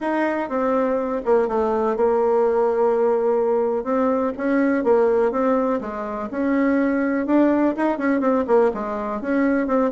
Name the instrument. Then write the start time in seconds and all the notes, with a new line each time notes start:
bassoon
0.00 D#4
0.49 C4
1.25 A#3
1.48 A3
1.96 A#3
3.84 C4
4.37 C#4
4.84 A#3
5.31 C4
5.80 G#3
6.30 C#4
7.26 D4
7.76 D#4
7.98 C#4
8.20 C4
8.47 A#3
8.73 G#3
9.21 C#4
9.67 C4